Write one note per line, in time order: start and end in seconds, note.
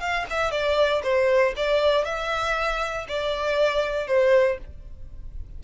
0.00 0.25 F5
0.30 0.51 E5
0.51 1.02 D5
1.03 1.54 C5
1.56 2.05 D5
2.05 3.06 E5
3.09 4.07 D5
4.07 4.58 C5